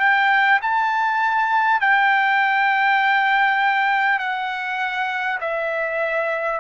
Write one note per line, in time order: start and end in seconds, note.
0.00 0.60 G5
0.62 1.81 A5
1.81 4.19 G5
4.19 5.39 F#5
5.41 6.61 E5